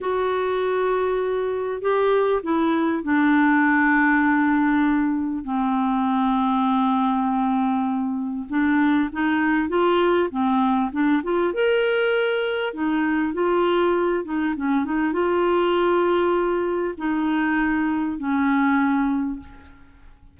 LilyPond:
\new Staff \with { instrumentName = "clarinet" } { \time 4/4 \tempo 4 = 99 fis'2. g'4 | e'4 d'2.~ | d'4 c'2.~ | c'2 d'4 dis'4 |
f'4 c'4 d'8 f'8 ais'4~ | ais'4 dis'4 f'4. dis'8 | cis'8 dis'8 f'2. | dis'2 cis'2 | }